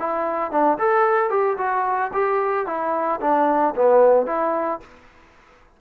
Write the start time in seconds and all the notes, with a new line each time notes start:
0.00 E4
0.51 D4
0.79 A4
1.30 G4
1.58 F#4
2.14 G4
2.67 E4
3.21 D4
3.76 B3
4.27 E4